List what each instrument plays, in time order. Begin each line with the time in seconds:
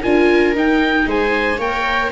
0.00 tuba D4, viola F4 A#4, oboe G#5
0.55 viola D#4, tuba D#4, oboe G5
1.06 tuba G#3, viola C5, oboe G#5
1.58 tuba A#3, viola A#4 C#5, oboe G5